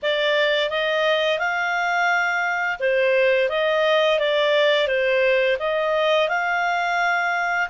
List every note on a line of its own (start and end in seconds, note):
0.02 0.70 D5
0.70 1.38 D#5
1.38 2.78 F5
2.79 3.49 C5
3.49 4.19 D#5
4.19 4.87 D5
4.87 5.57 C5
5.59 6.29 D#5
6.29 7.68 F5